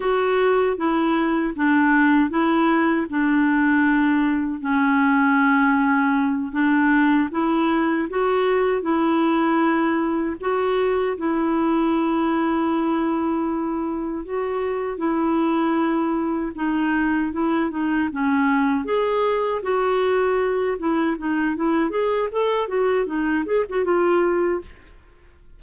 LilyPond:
\new Staff \with { instrumentName = "clarinet" } { \time 4/4 \tempo 4 = 78 fis'4 e'4 d'4 e'4 | d'2 cis'2~ | cis'8 d'4 e'4 fis'4 e'8~ | e'4. fis'4 e'4.~ |
e'2~ e'8 fis'4 e'8~ | e'4. dis'4 e'8 dis'8 cis'8~ | cis'8 gis'4 fis'4. e'8 dis'8 | e'8 gis'8 a'8 fis'8 dis'8 gis'16 fis'16 f'4 | }